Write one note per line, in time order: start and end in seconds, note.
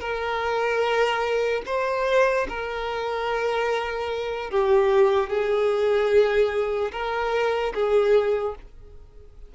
0.00 1.62 A#4
1.66 2.47 C5
2.48 4.50 A#4
4.50 5.29 G4
5.29 6.91 G#4
6.92 7.73 A#4
7.74 8.55 G#4